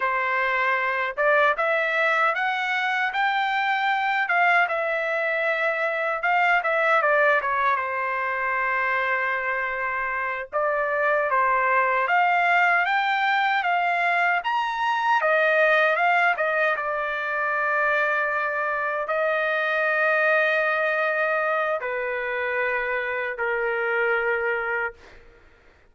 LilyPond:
\new Staff \with { instrumentName = "trumpet" } { \time 4/4 \tempo 4 = 77 c''4. d''8 e''4 fis''4 | g''4. f''8 e''2 | f''8 e''8 d''8 cis''8 c''2~ | c''4. d''4 c''4 f''8~ |
f''8 g''4 f''4 ais''4 dis''8~ | dis''8 f''8 dis''8 d''2~ d''8~ | d''8 dis''2.~ dis''8 | b'2 ais'2 | }